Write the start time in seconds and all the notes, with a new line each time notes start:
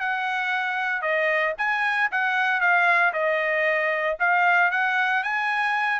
0.00 F#5
1.02 D#5
1.58 G#5
2.11 F#5
2.61 F5
3.13 D#5
4.20 F5
4.71 F#5
5.23 G#5